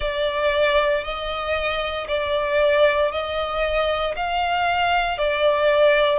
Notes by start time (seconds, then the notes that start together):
0.00 D5
1.03 D#5
2.08 D5
3.11 D#5
4.16 F5
5.17 D5